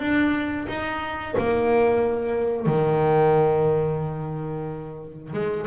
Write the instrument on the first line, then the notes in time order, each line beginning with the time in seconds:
double bass
0.00 D4
0.68 D#4
1.38 A#3
2.66 D#3
5.33 G#3